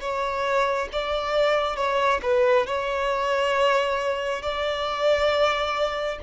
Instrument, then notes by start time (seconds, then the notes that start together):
violin
0.00 C#5
0.92 D5
1.76 C#5
2.22 B4
2.66 C#5
4.42 D5